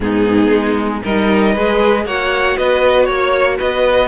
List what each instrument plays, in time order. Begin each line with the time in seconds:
0.00 cello G#2, viola B3, violin D#4 G#4
0.50 cello G#3
1.03 cello G3, viola D#4, violin A#4 D#5
1.53 cello G#3, viola G#4, violin B4
2.05 cello A#3, viola F#4, violin C#5 F#5
2.57 cello B3, violin B4 D#5
3.05 cello A#3, violin C#5
3.57 cello B3, violin B4 D#5